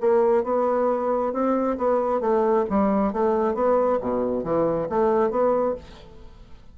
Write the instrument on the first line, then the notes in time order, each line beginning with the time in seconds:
bassoon
0.00 A#3
0.43 B3
1.33 C4
1.77 B3
2.20 A3
2.69 G3
3.13 A3
3.54 B3
4.00 B2
4.43 E3
4.89 A3
5.30 B3